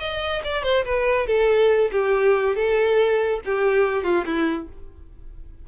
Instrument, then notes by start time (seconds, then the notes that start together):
violin
0.00 D#5
0.44 D5
0.63 C5
0.85 B4
1.27 A4
1.92 G4
2.56 A4
3.45 G4
4.04 F4
4.26 E4